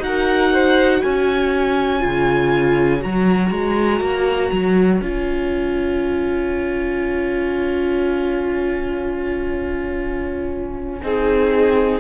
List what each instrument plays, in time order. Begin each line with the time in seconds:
0.00 cello D#4, viola F#4, violin A#4 F#5
0.54 violin C5
1.02 cello C#4, violin C#5 G#5
2.00 cello C#3, viola F4
3.00 cello F#3, viola F#4, violin A#5
3.51 cello G#3
4.01 cello A#3
4.52 cello F#3
5.01 cello C#4, viola F4, violin G#5
11.03 cello C4, viola D#4, violin G#4